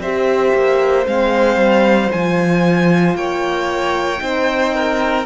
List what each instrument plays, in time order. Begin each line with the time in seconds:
0.00 cello C4, horn G4, violin C5 E5
0.55 cello A#3
1.05 cello G#3, horn C4, violin F5
1.57 cello G3
2.12 cello F3, horn F4, violin G#5
3.16 cello A#3, violin C#5 G5
4.19 cello C4, horn D#4, violin C5
4.76 violin A#4